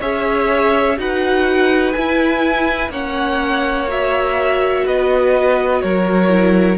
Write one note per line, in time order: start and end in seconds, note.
0.00 0.98 C#4
0.00 0.97 G#4
0.00 0.97 C#5
0.00 0.98 E5
0.97 1.95 D#4
0.97 1.94 F#4
0.97 2.92 B4
0.97 1.92 F#5
1.92 2.92 E4
1.92 2.90 E4
1.92 2.89 G#5
2.90 4.83 A#3
2.90 3.88 C#4
2.90 4.85 C#5
2.90 3.90 F#5
3.88 6.29 F#4
3.88 4.87 E5
4.85 5.83 B3
4.85 5.82 B4
4.85 5.81 D#5
5.81 6.77 F#3
5.81 6.77 A#4
5.81 6.77 C#5
6.29 6.77 E4